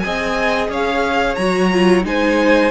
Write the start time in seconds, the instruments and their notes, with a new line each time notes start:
0.00 cello C4, viola G#4, violin D#5 G#5
0.69 cello C#4, violin C#5 F5
1.36 cello F#3, viola F#4, violin A#5
1.73 viola F4
2.04 cello G#3, viola D#4, violin C5 G#5